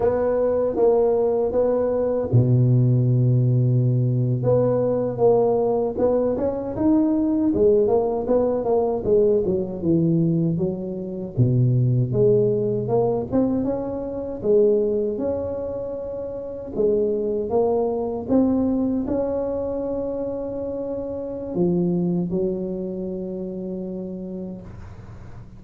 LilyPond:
\new Staff \with { instrumentName = "tuba" } { \time 4/4 \tempo 4 = 78 b4 ais4 b4 b,4~ | b,4.~ b,16 b4 ais4 b16~ | b16 cis'8 dis'4 gis8 ais8 b8 ais8 gis16~ | gis16 fis8 e4 fis4 b,4 gis16~ |
gis8. ais8 c'8 cis'4 gis4 cis'16~ | cis'4.~ cis'16 gis4 ais4 c'16~ | c'8. cis'2.~ cis'16 | f4 fis2. | }